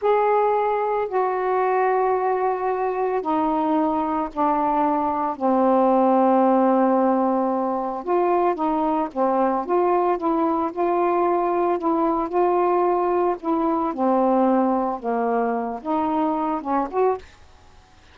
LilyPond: \new Staff \with { instrumentName = "saxophone" } { \time 4/4 \tempo 4 = 112 gis'2 fis'2~ | fis'2 dis'2 | d'2 c'2~ | c'2. f'4 |
dis'4 c'4 f'4 e'4 | f'2 e'4 f'4~ | f'4 e'4 c'2 | ais4. dis'4. cis'8 fis'8 | }